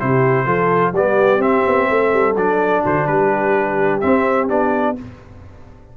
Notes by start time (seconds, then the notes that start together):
0.00 C3 E4 G4 C5
0.46 F3 F4 A4
0.93 G3 B3 G4 D5
1.39 C4 E5
1.67 B3
1.90 A3 A4
2.13 G3
2.36 F#3 D4 D5
2.83 D3 F#4 C5
3.07 G3 G4 B4
4.01 C4 E5
4.49 B3 D4 D5